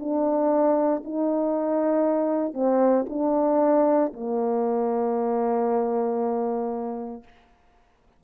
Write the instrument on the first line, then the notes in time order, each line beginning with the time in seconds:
horn
0.00 D4
1.05 D#4
2.54 C4
3.09 D4
4.14 A#3